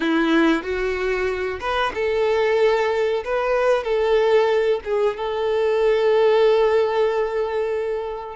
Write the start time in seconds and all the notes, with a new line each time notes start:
0.00 E4
0.62 F#4
1.60 B4
1.94 A4
3.24 B4
3.83 A4
4.84 G#4
5.16 A4